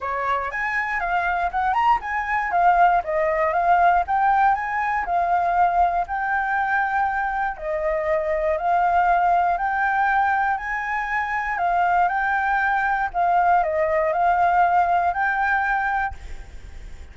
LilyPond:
\new Staff \with { instrumentName = "flute" } { \time 4/4 \tempo 4 = 119 cis''4 gis''4 f''4 fis''8 ais''8 | gis''4 f''4 dis''4 f''4 | g''4 gis''4 f''2 | g''2. dis''4~ |
dis''4 f''2 g''4~ | g''4 gis''2 f''4 | g''2 f''4 dis''4 | f''2 g''2 | }